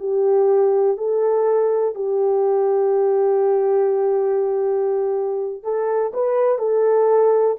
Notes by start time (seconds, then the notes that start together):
0.00 G4
0.97 A4
1.95 G4
5.64 A4
6.14 B4
6.59 A4